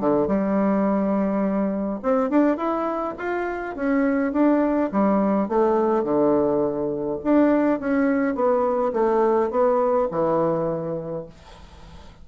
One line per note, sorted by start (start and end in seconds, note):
0.00 0.27 D3
0.27 2.00 G3
2.02 2.29 C4
2.29 2.57 D4
2.57 3.14 E4
3.18 3.76 F4
3.76 4.32 C#4
4.32 4.90 D4
4.92 5.48 G3
5.48 6.03 A3
6.03 7.19 D3
7.24 7.79 D4
7.79 8.35 C#4
8.35 8.92 B3
8.93 9.50 A3
9.50 10.08 B3
10.11 11.26 E3